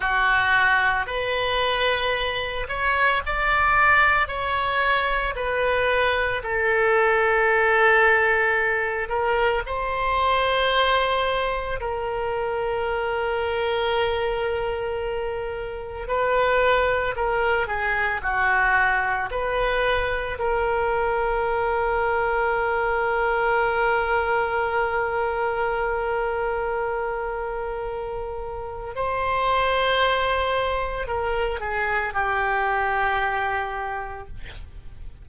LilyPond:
\new Staff \with { instrumentName = "oboe" } { \time 4/4 \tempo 4 = 56 fis'4 b'4. cis''8 d''4 | cis''4 b'4 a'2~ | a'8 ais'8 c''2 ais'4~ | ais'2. b'4 |
ais'8 gis'8 fis'4 b'4 ais'4~ | ais'1~ | ais'2. c''4~ | c''4 ais'8 gis'8 g'2 | }